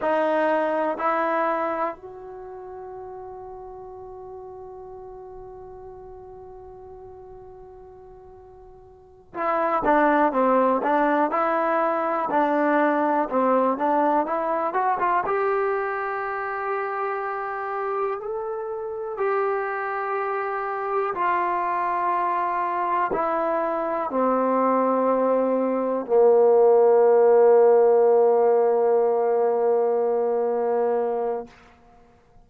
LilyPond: \new Staff \with { instrumentName = "trombone" } { \time 4/4 \tempo 4 = 61 dis'4 e'4 fis'2~ | fis'1~ | fis'4. e'8 d'8 c'8 d'8 e'8~ | e'8 d'4 c'8 d'8 e'8 fis'16 f'16 g'8~ |
g'2~ g'8 a'4 g'8~ | g'4. f'2 e'8~ | e'8 c'2 ais4.~ | ais1 | }